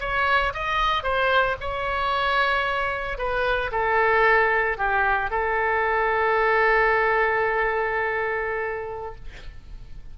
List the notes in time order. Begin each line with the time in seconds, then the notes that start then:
0.00 C#5
0.54 D#5
1.03 C5
1.60 C#5
3.18 B4
3.71 A4
4.78 G4
5.30 A4